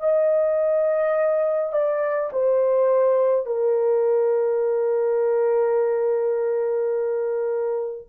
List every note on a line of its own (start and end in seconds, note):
0.00 1.73 D#5
1.73 2.30 D5
2.32 3.46 C5
3.46 8.07 A#4